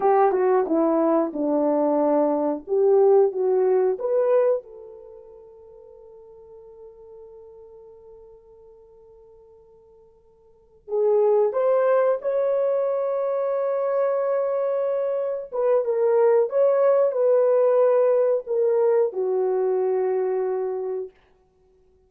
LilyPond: \new Staff \with { instrumentName = "horn" } { \time 4/4 \tempo 4 = 91 g'8 fis'8 e'4 d'2 | g'4 fis'4 b'4 a'4~ | a'1~ | a'1~ |
a'8 gis'4 c''4 cis''4.~ | cis''2.~ cis''8 b'8 | ais'4 cis''4 b'2 | ais'4 fis'2. | }